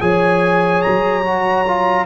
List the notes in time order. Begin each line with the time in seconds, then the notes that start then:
0.00 F3 G#4 C#5 G#5
0.82 F#3 A#5
1.24 F#4
1.67 F4